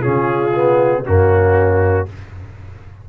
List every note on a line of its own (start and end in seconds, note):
0.00 0.53 C#4
0.00 1.02 F4
0.00 1.04 G#4
0.07 1.08 C#3
0.54 1.05 B3
1.05 2.10 F#2
1.05 2.07 A#3
1.05 2.08 C#4
1.05 2.08 F#4